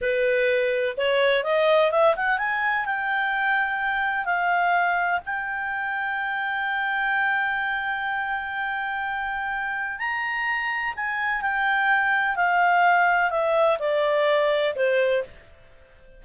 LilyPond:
\new Staff \with { instrumentName = "clarinet" } { \time 4/4 \tempo 4 = 126 b'2 cis''4 dis''4 | e''8 fis''8 gis''4 g''2~ | g''4 f''2 g''4~ | g''1~ |
g''1~ | g''4 ais''2 gis''4 | g''2 f''2 | e''4 d''2 c''4 | }